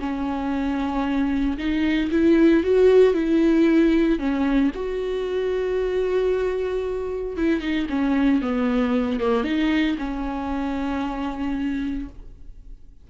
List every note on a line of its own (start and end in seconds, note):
0.00 1.58 C#4
1.58 2.11 D#4
2.11 2.64 E4
2.64 3.14 F#4
3.14 4.19 E4
4.19 4.72 C#4
4.75 7.37 F#4
7.37 7.61 E4
7.61 7.87 D#4
7.90 8.42 C#4
8.42 9.21 B3
9.21 9.44 A#3
9.44 9.97 D#4
9.99 12.09 C#4